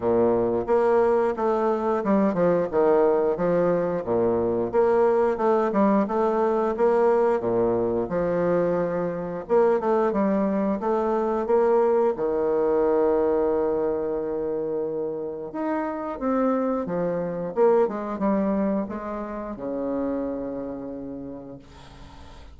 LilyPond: \new Staff \with { instrumentName = "bassoon" } { \time 4/4 \tempo 4 = 89 ais,4 ais4 a4 g8 f8 | dis4 f4 ais,4 ais4 | a8 g8 a4 ais4 ais,4 | f2 ais8 a8 g4 |
a4 ais4 dis2~ | dis2. dis'4 | c'4 f4 ais8 gis8 g4 | gis4 cis2. | }